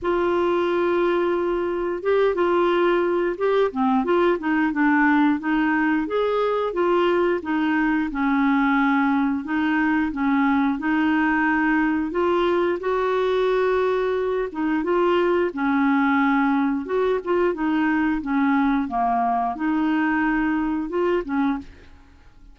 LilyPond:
\new Staff \with { instrumentName = "clarinet" } { \time 4/4 \tempo 4 = 89 f'2. g'8 f'8~ | f'4 g'8 c'8 f'8 dis'8 d'4 | dis'4 gis'4 f'4 dis'4 | cis'2 dis'4 cis'4 |
dis'2 f'4 fis'4~ | fis'4. dis'8 f'4 cis'4~ | cis'4 fis'8 f'8 dis'4 cis'4 | ais4 dis'2 f'8 cis'8 | }